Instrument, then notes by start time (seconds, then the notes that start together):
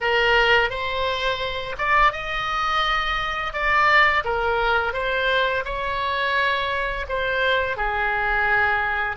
oboe
0.00 A#4
0.70 C5
1.78 D5
2.12 D#5
3.53 D5
4.24 A#4
4.93 C5
5.65 C#5
7.08 C5
7.76 G#4